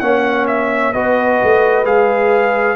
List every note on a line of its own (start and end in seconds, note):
0.00 0.94 A#3
0.00 0.94 C#4
0.00 0.93 C#5
0.00 0.46 F#5
0.47 0.93 E5
0.93 1.41 B3
0.93 1.85 F#4
0.93 2.77 B4
0.93 1.85 D#5
1.43 1.86 A3
1.85 2.77 G#3
1.85 2.77 G#4
1.85 2.77 F5